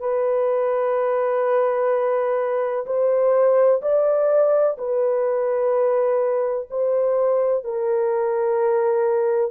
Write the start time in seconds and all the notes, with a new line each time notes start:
0.00 B4
2.86 C5
3.82 D5
4.78 B4
6.71 C5
7.64 A#4